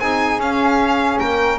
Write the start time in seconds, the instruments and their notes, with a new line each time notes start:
0.00 double bass C4, saxophone D#4, flute G#4, violin G#5
0.38 double bass C#4, saxophone C#4, violin F5
1.19 double bass A#3, flute A#4, violin G5